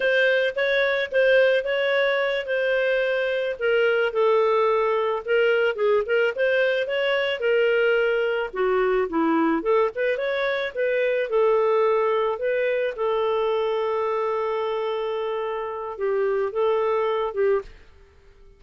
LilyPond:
\new Staff \with { instrumentName = "clarinet" } { \time 4/4 \tempo 4 = 109 c''4 cis''4 c''4 cis''4~ | cis''8 c''2 ais'4 a'8~ | a'4. ais'4 gis'8 ais'8 c''8~ | c''8 cis''4 ais'2 fis'8~ |
fis'8 e'4 a'8 b'8 cis''4 b'8~ | b'8 a'2 b'4 a'8~ | a'1~ | a'4 g'4 a'4. g'8 | }